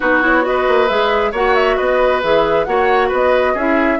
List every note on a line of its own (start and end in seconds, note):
0.00 0.68 B3
0.00 0.22 D#4
0.00 0.43 F#4
0.00 0.21 B4
0.22 0.42 E4
0.22 0.45 C#5
0.42 0.86 F#4
0.42 0.88 D#5
0.49 1.31 B4
0.68 0.89 A#3
0.88 1.32 G#3
0.88 1.33 G#4
0.88 1.32 E5
1.31 1.77 A#3
1.31 2.22 F#4
1.31 1.76 C#5
1.31 1.55 F#5
1.55 1.77 E5
1.76 2.23 B3
1.76 2.65 B4
1.76 2.21 D#5
2.22 2.66 E3
2.22 2.66 G#4
2.22 2.64 E5
2.64 3.11 A#3
2.64 3.55 F#4
2.64 3.08 C#5
2.64 3.08 F#5
3.08 3.54 B3
3.08 3.53 B4
3.08 3.58 D#5
3.53 3.99 C#4
3.53 3.99 E4
3.53 3.98 G#4
3.53 3.99 E5